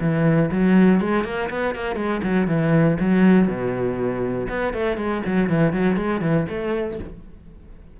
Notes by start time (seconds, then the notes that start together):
0.00 E3
0.51 F#3
1.01 G#3
1.24 A#3
1.50 B3
1.75 A#3
1.96 G#3
2.23 F#3
2.47 E3
3.00 F#3
3.48 B2
4.49 B3
4.73 A3
4.97 G#3
5.26 F#3
5.49 E3
5.72 F#3
5.97 G#3
6.21 E3
6.49 A3